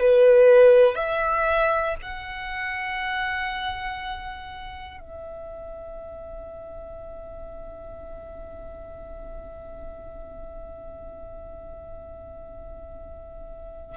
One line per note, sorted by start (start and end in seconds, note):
0.00 0.95 B4
0.95 1.95 E5
2.02 5.00 F#5
5.00 13.97 E5